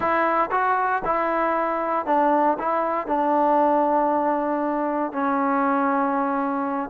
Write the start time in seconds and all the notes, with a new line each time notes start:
0.00 E4
0.51 F#4
1.05 E4
2.06 D4
2.58 E4
3.07 D4
5.12 C#4